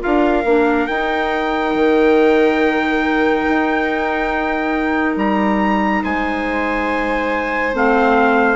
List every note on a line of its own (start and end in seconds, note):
0.00 0.43 F4
0.00 6.03 A#4
0.00 0.87 F5
0.06 0.45 D4
0.45 0.87 A#3
0.45 0.90 D4
0.87 1.75 D#4
0.87 7.74 D#4
0.87 5.16 G5
1.75 3.46 D#3
3.49 5.17 D#4
5.17 6.02 G3
5.17 6.04 A#5
6.03 7.74 G#3
6.03 8.56 C5
6.03 7.76 G#5
7.74 8.56 A3
7.74 8.56 C4
7.74 8.56 F5